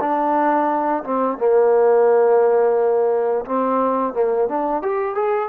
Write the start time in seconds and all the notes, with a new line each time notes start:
0.00 D4
1.04 C4
1.38 A#3
3.45 C4
4.13 A#3
4.48 D4
4.82 G4
5.15 G#4